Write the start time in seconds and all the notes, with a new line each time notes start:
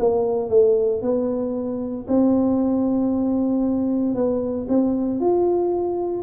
0.00 A#3
0.50 A3
1.02 B3
2.08 C4
4.15 B3
4.69 C4
5.21 F4